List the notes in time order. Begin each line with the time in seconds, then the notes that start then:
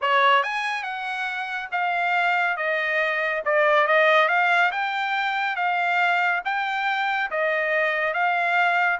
0.01 C#5
0.43 G#5
0.83 F#5
1.71 F5
2.56 D#5
3.45 D5
3.87 D#5
4.28 F5
4.71 G5
5.56 F5
6.44 G5
7.31 D#5
8.13 F5